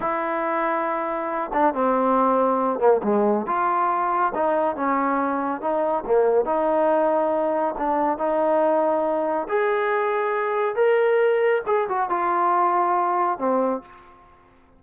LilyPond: \new Staff \with { instrumentName = "trombone" } { \time 4/4 \tempo 4 = 139 e'2.~ e'8 d'8 | c'2~ c'8 ais8 gis4 | f'2 dis'4 cis'4~ | cis'4 dis'4 ais4 dis'4~ |
dis'2 d'4 dis'4~ | dis'2 gis'2~ | gis'4 ais'2 gis'8 fis'8 | f'2. c'4 | }